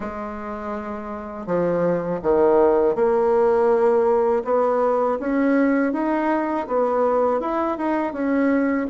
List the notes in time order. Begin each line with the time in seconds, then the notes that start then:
0.00 G#3
1.46 F3
2.22 D#3
2.95 A#3
4.44 B3
5.19 C#4
5.93 D#4
6.67 B3
7.40 E4
7.77 D#4
8.12 C#4